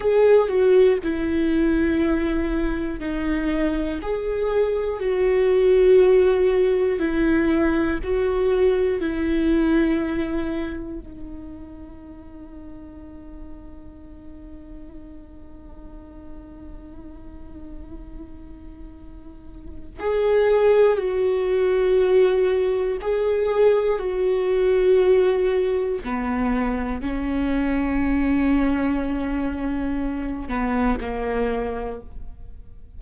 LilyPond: \new Staff \with { instrumentName = "viola" } { \time 4/4 \tempo 4 = 60 gis'8 fis'8 e'2 dis'4 | gis'4 fis'2 e'4 | fis'4 e'2 dis'4~ | dis'1~ |
dis'1 | gis'4 fis'2 gis'4 | fis'2 b4 cis'4~ | cis'2~ cis'8 b8 ais4 | }